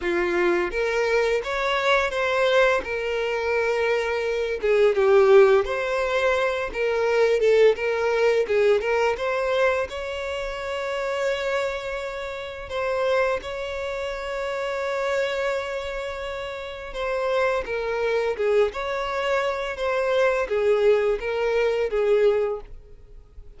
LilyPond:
\new Staff \with { instrumentName = "violin" } { \time 4/4 \tempo 4 = 85 f'4 ais'4 cis''4 c''4 | ais'2~ ais'8 gis'8 g'4 | c''4. ais'4 a'8 ais'4 | gis'8 ais'8 c''4 cis''2~ |
cis''2 c''4 cis''4~ | cis''1 | c''4 ais'4 gis'8 cis''4. | c''4 gis'4 ais'4 gis'4 | }